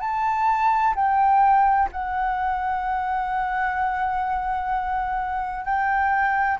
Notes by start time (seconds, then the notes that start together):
0.00 A5
0.95 G5
1.91 F#5
5.65 G5